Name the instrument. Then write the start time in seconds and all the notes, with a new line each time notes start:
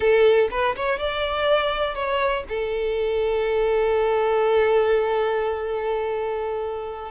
violin
0.00 A4
0.51 B4
0.75 C#5
0.99 D5
1.94 C#5
2.48 A4